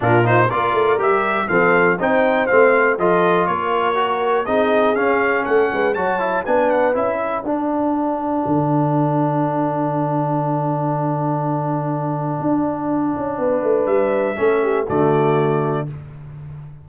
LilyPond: <<
  \new Staff \with { instrumentName = "trumpet" } { \time 4/4 \tempo 4 = 121 ais'8 c''8 d''4 e''4 f''4 | g''4 f''4 dis''4 cis''4~ | cis''4 dis''4 f''4 fis''4 | a''4 gis''8 fis''8 e''4 fis''4~ |
fis''1~ | fis''1~ | fis''1 | e''2 d''2 | }
  \new Staff \with { instrumentName = "horn" } { \time 4/4 f'4 ais'2 a'4 | c''2 a'4 ais'4~ | ais'4 gis'2 a'8 b'8 | cis''4 b'4. a'4.~ |
a'1~ | a'1~ | a'2. b'4~ | b'4 a'8 g'8 fis'2 | }
  \new Staff \with { instrumentName = "trombone" } { \time 4/4 d'8 dis'8 f'4 g'4 c'4 | dis'4 c'4 f'2 | fis'4 dis'4 cis'2 | fis'8 e'8 d'4 e'4 d'4~ |
d'1~ | d'1~ | d'1~ | d'4 cis'4 a2 | }
  \new Staff \with { instrumentName = "tuba" } { \time 4/4 ais,4 ais8 a8 g4 f4 | c'4 a4 f4 ais4~ | ais4 c'4 cis'4 a8 gis8 | fis4 b4 cis'4 d'4~ |
d'4 d2.~ | d1~ | d4 d'4. cis'8 b8 a8 | g4 a4 d2 | }
>>